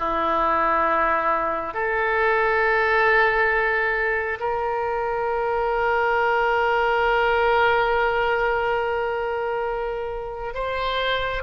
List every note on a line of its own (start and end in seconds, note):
0.00 1.74 E4
1.74 4.39 A4
4.40 10.54 A#4
10.54 11.43 C5